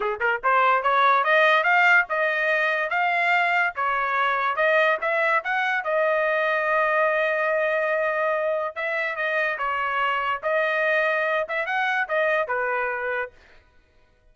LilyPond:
\new Staff \with { instrumentName = "trumpet" } { \time 4/4 \tempo 4 = 144 gis'8 ais'8 c''4 cis''4 dis''4 | f''4 dis''2 f''4~ | f''4 cis''2 dis''4 | e''4 fis''4 dis''2~ |
dis''1~ | dis''4 e''4 dis''4 cis''4~ | cis''4 dis''2~ dis''8 e''8 | fis''4 dis''4 b'2 | }